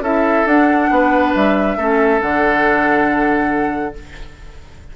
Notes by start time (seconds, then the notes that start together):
0.00 C#4 E4 A4 E5
0.46 D4 F#5
0.91 B3 B4
1.35 G3 E5
1.77 A3 C#4 A4
2.20 D3 D4 F#5